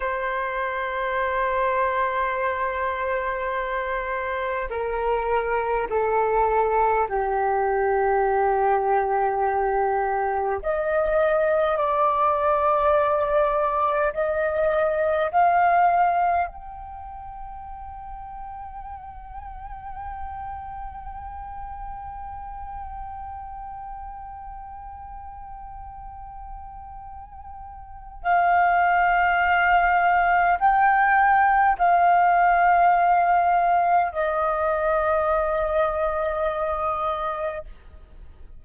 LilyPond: \new Staff \with { instrumentName = "flute" } { \time 4/4 \tempo 4 = 51 c''1 | ais'4 a'4 g'2~ | g'4 dis''4 d''2 | dis''4 f''4 g''2~ |
g''1~ | g''1 | f''2 g''4 f''4~ | f''4 dis''2. | }